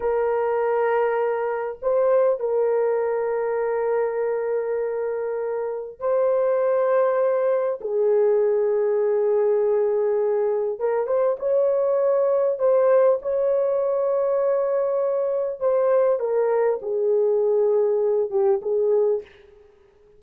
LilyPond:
\new Staff \with { instrumentName = "horn" } { \time 4/4 \tempo 4 = 100 ais'2. c''4 | ais'1~ | ais'2 c''2~ | c''4 gis'2.~ |
gis'2 ais'8 c''8 cis''4~ | cis''4 c''4 cis''2~ | cis''2 c''4 ais'4 | gis'2~ gis'8 g'8 gis'4 | }